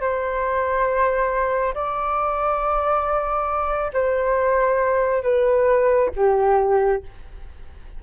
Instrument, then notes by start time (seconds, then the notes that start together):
flute
0.00 C5
1.74 D5
3.93 C5
5.23 B4
6.16 G4